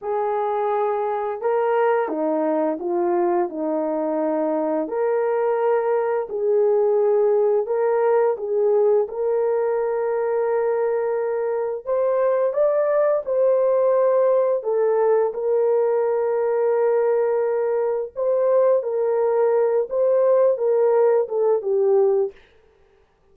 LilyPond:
\new Staff \with { instrumentName = "horn" } { \time 4/4 \tempo 4 = 86 gis'2 ais'4 dis'4 | f'4 dis'2 ais'4~ | ais'4 gis'2 ais'4 | gis'4 ais'2.~ |
ais'4 c''4 d''4 c''4~ | c''4 a'4 ais'2~ | ais'2 c''4 ais'4~ | ais'8 c''4 ais'4 a'8 g'4 | }